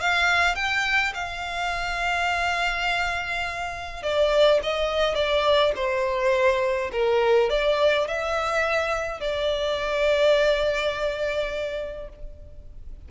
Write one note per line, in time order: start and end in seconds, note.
0.00 0.55 F5
0.55 1.13 G5
1.14 4.02 F5
4.02 4.60 D5
4.63 5.14 D#5
5.14 5.72 D5
5.75 6.91 C5
6.92 7.49 A#4
7.49 8.07 D5
8.07 9.20 E5
9.20 12.09 D5